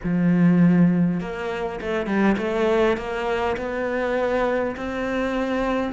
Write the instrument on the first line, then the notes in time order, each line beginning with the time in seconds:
cello
0.03 F3
1.20 A#3
1.80 A3
2.06 G3
2.37 A3
2.97 A#3
3.56 B3
4.76 C4